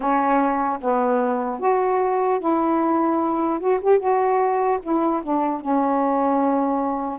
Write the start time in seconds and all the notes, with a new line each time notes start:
0.00 C#4
0.80 B3
1.59 F#4
2.39 E4
3.59 F#4
3.81 G4
3.99 F#4
4.82 E4
5.23 D4
5.60 C#4